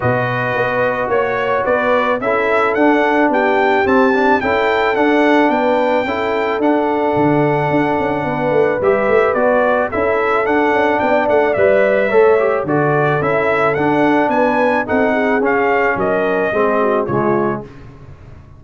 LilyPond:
<<
  \new Staff \with { instrumentName = "trumpet" } { \time 4/4 \tempo 4 = 109 dis''2 cis''4 d''4 | e''4 fis''4 g''4 a''4 | g''4 fis''4 g''2 | fis''1 |
e''4 d''4 e''4 fis''4 | g''8 fis''8 e''2 d''4 | e''4 fis''4 gis''4 fis''4 | f''4 dis''2 cis''4 | }
  \new Staff \with { instrumentName = "horn" } { \time 4/4 b'2 cis''4 b'4 | a'2 g'2 | a'2 b'4 a'4~ | a'2. b'4~ |
b'2 a'2 | d''2 cis''4 a'4~ | a'2 b'4 a'8 gis'8~ | gis'4 ais'4 gis'8 fis'8 f'4 | }
  \new Staff \with { instrumentName = "trombone" } { \time 4/4 fis'1 | e'4 d'2 c'8 d'8 | e'4 d'2 e'4 | d'1 |
g'4 fis'4 e'4 d'4~ | d'4 b'4 a'8 g'8 fis'4 | e'4 d'2 dis'4 | cis'2 c'4 gis4 | }
  \new Staff \with { instrumentName = "tuba" } { \time 4/4 b,4 b4 ais4 b4 | cis'4 d'4 b4 c'4 | cis'4 d'4 b4 cis'4 | d'4 d4 d'8 cis'8 b8 a8 |
g8 a8 b4 cis'4 d'8 cis'8 | b8 a8 g4 a4 d4 | cis'4 d'4 b4 c'4 | cis'4 fis4 gis4 cis4 | }
>>